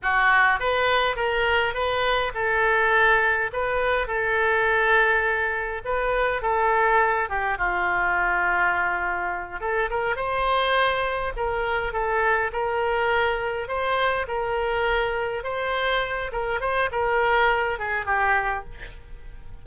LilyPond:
\new Staff \with { instrumentName = "oboe" } { \time 4/4 \tempo 4 = 103 fis'4 b'4 ais'4 b'4 | a'2 b'4 a'4~ | a'2 b'4 a'4~ | a'8 g'8 f'2.~ |
f'8 a'8 ais'8 c''2 ais'8~ | ais'8 a'4 ais'2 c''8~ | c''8 ais'2 c''4. | ais'8 c''8 ais'4. gis'8 g'4 | }